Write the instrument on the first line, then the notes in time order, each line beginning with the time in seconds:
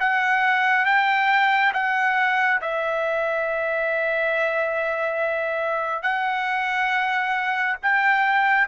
trumpet
0.00 F#5
0.85 G5
1.74 F#5
2.61 E5
6.02 F#5
7.83 G5